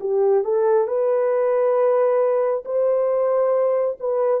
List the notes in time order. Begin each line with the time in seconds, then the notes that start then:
0.00 G4
0.44 A4
0.87 B4
2.64 C5
3.99 B4